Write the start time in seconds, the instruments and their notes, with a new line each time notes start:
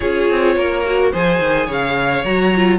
0.00 cello C#4, viola F4, violin G#4 C#5
0.30 cello C4
0.56 cello A#3, violin A#4
0.85 viola F#4
1.12 cello F3, viola G#4, violin C5 G#5
1.39 cello D#3
1.66 cello C#3, violin C#5 F5
2.24 cello F#3, viola F#4, violin A#5
2.55 viola F4